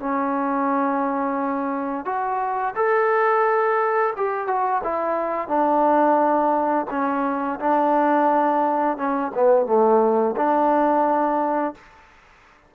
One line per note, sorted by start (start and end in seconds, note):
0.00 2.06 C#4
2.06 2.75 F#4
2.76 4.14 A4
4.17 4.47 G4
4.47 4.82 F#4
4.84 5.49 E4
5.49 6.87 D4
6.91 7.60 C#4
7.60 8.97 D4
8.97 9.32 C#4
9.35 9.66 B3
9.66 10.35 A3
10.37 11.75 D4